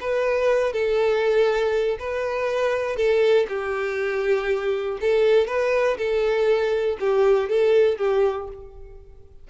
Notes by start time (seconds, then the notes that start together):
0.00 B4
0.72 A4
1.99 B4
2.96 A4
3.48 G4
5.00 A4
5.47 B4
5.97 A4
7.00 G4
7.49 A4
7.97 G4